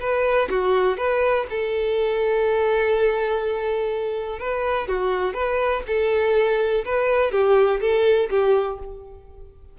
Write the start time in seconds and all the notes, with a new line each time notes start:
0.00 B4
0.50 F#4
0.98 B4
1.50 A4
4.39 B4
4.88 F#4
5.34 B4
5.87 A4
6.85 B4
7.32 G4
7.81 A4
8.30 G4